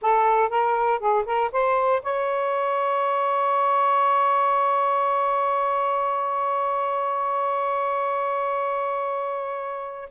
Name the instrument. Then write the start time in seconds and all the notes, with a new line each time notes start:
saxophone
0.01 A4
0.49 A#4
0.99 G#4
1.25 A#4
1.52 C5
2.02 C#5